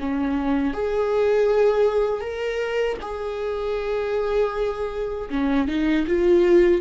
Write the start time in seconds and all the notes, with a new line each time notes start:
0.00 C#4
0.74 G#4
2.21 A#4
3.02 G#4
5.30 C#4
5.68 D#4
6.07 F4